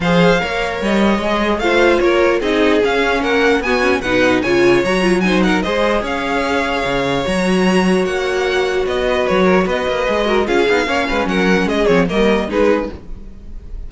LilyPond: <<
  \new Staff \with { instrumentName = "violin" } { \time 4/4 \tempo 4 = 149 f''2 dis''2 | f''4 cis''4 dis''4 f''4 | fis''4 gis''4 fis''4 gis''4 | ais''4 gis''8 fis''8 dis''4 f''4~ |
f''2 ais''2 | fis''2 dis''4 cis''4 | dis''2 f''2 | fis''4 dis''8 cis''8 dis''4 b'4 | }
  \new Staff \with { instrumentName = "violin" } { \time 4/4 c''4 cis''2. | c''4 ais'4 gis'2 | ais'4 fis'4 b'4 cis''4~ | cis''4 c''8 ais'8 c''4 cis''4~ |
cis''1~ | cis''2~ cis''8 b'4 ais'8 | b'4. ais'8 gis'4 cis''8 b'8 | ais'4 gis'4 ais'4 gis'4 | }
  \new Staff \with { instrumentName = "viola" } { \time 4/4 gis'4 ais'2 gis'4 | f'2 dis'4 cis'4~ | cis'4 b8 cis'8 dis'4 f'4 | fis'8 f'8 dis'4 gis'2~ |
gis'2 fis'2~ | fis'1~ | fis'4 gis'8 fis'8 f'8 dis'8 cis'4~ | cis'4. c'8 ais4 dis'4 | }
  \new Staff \with { instrumentName = "cello" } { \time 4/4 f4 ais4 g4 gis4 | a4 ais4 c'4 cis'4 | ais4 b4 b,4 cis4 | fis2 gis4 cis'4~ |
cis'4 cis4 fis2 | ais2 b4 fis4 | b8 ais8 gis4 cis'8 b8 ais8 gis8 | fis4 gis8 f8 g4 gis4 | }
>>